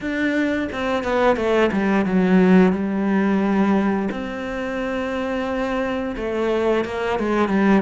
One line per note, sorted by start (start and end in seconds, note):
0.00 0.68 D4
0.72 1.03 C4
1.03 1.36 B3
1.36 1.70 A3
1.72 2.05 G3
2.05 2.72 F#3
2.72 4.08 G3
4.11 6.15 C4
6.16 6.84 A3
6.85 7.19 A#3
7.19 7.48 G#3
7.48 7.82 G3